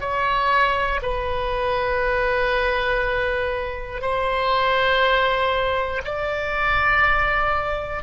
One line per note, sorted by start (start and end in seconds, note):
0.00 1.00 C#5
1.02 4.01 B4
4.01 6.01 C5
6.04 8.02 D5